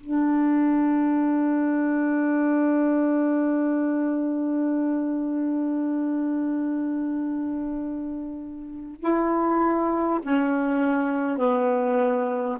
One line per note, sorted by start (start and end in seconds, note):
0.00 9.00 D4
9.00 10.20 E4
10.23 11.38 C#4
11.38 12.58 B3